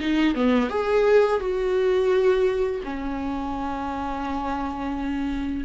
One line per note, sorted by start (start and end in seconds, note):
0.00 0.35 D#4
0.35 0.70 B3
0.70 1.40 G#4
1.40 2.81 F#4
2.84 5.65 C#4